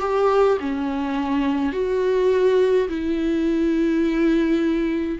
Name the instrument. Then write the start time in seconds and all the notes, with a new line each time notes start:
viola
0.00 G4
0.60 C#4
1.73 F#4
2.88 E4